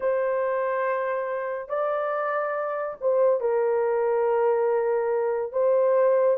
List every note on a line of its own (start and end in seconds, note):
0.00 1.68 C5
1.68 2.96 D5
3.00 3.40 C5
3.40 5.52 A#4
5.52 6.37 C5